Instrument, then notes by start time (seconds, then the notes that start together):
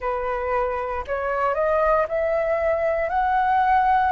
flute
0.00 B4
1.07 C#5
1.54 D#5
2.08 E5
3.09 F#5